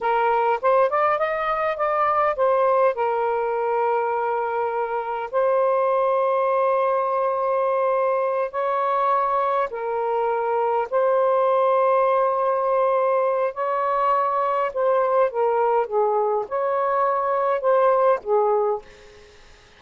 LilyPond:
\new Staff \with { instrumentName = "saxophone" } { \time 4/4 \tempo 4 = 102 ais'4 c''8 d''8 dis''4 d''4 | c''4 ais'2.~ | ais'4 c''2.~ | c''2~ c''8 cis''4.~ |
cis''8 ais'2 c''4.~ | c''2. cis''4~ | cis''4 c''4 ais'4 gis'4 | cis''2 c''4 gis'4 | }